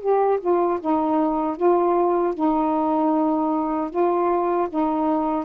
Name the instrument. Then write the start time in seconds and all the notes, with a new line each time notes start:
saxophone
0.00 G4
0.40 F4
0.80 D#4
1.57 F4
2.34 D#4
3.90 F4
4.69 D#4